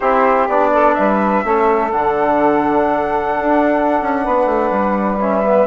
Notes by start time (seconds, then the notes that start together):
0.00 C4 E4 G4 C5
0.47 B3 D4 D5
0.72 A4
0.93 G3 B4 E5
1.44 A3 C#4 A4
1.91 D3 D4 F#5
3.39 D4
4.01 C#4
4.23 B3 B4
4.46 A3
4.70 G3
5.20 C#4 E5
5.44 B3